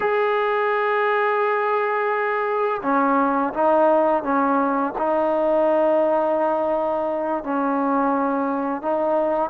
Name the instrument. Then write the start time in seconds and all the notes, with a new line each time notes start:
trombone
0.00 G#4
2.82 C#4
3.53 D#4
4.23 C#4
4.98 D#4
7.43 C#4
8.82 D#4